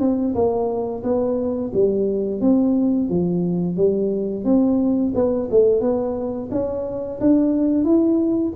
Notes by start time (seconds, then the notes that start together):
0.00 C4
0.34 A#3
1.03 B3
1.73 G3
2.41 C4
3.09 F3
3.76 G3
4.44 C4
5.15 B3
5.51 A3
5.81 B3
6.51 C#4
7.20 D4
7.84 E4